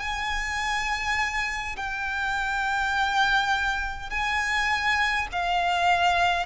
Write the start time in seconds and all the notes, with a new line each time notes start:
0.00 G#5
1.76 G5
4.10 G#5
5.33 F5